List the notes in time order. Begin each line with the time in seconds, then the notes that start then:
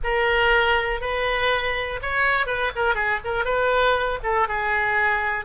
0.03 A#4
1.01 B4
2.02 C#5
2.46 B4
2.75 A#4
2.94 G#4
3.24 A#4
3.45 B4
4.23 A4
4.47 G#4